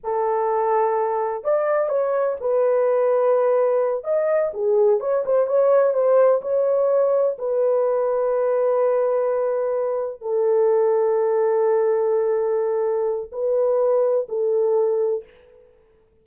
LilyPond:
\new Staff \with { instrumentName = "horn" } { \time 4/4 \tempo 4 = 126 a'2. d''4 | cis''4 b'2.~ | b'8 dis''4 gis'4 cis''8 c''8 cis''8~ | cis''8 c''4 cis''2 b'8~ |
b'1~ | b'4. a'2~ a'8~ | a'1 | b'2 a'2 | }